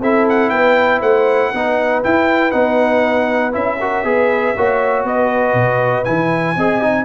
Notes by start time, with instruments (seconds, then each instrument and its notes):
0.00 tuba C4, trombone E4, horn A4, trumpet E5
0.29 trumpet F#5
0.50 tuba B3, horn B4, trumpet G5
1.00 tuba A3, horn C5, trumpet F#5
1.53 tuba B3, trombone D#4, horn B4
2.04 trombone E4, tuba E4, trumpet G5
2.51 tuba B3, trombone D#4, trumpet F#5
3.52 tuba C#4, trombone E4, trumpet E5
3.81 trombone F#4, horn A#4
4.04 tuba B3, trombone G#4, horn B4
4.56 tuba A#3, trombone F#4, horn C#5
5.04 tuba B3, horn B4, trumpet D#5
5.53 tuba B2
6.04 tuba E3, trombone E4, trumpet G#5
6.56 tuba C4, trombone G#4, horn D#5
6.82 trombone D#4